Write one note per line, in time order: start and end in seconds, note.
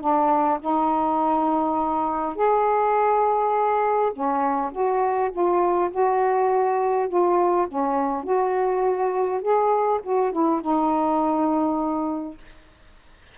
0.00 0.59 D4
0.60 2.35 D#4
2.35 4.12 G#4
4.12 4.71 C#4
4.71 5.30 F#4
5.31 5.90 F4
5.90 7.08 F#4
7.08 7.67 F4
7.68 8.23 C#4
8.23 9.41 F#4
9.41 10.00 G#4
10.03 10.32 F#4
10.32 10.61 E4
10.61 12.37 D#4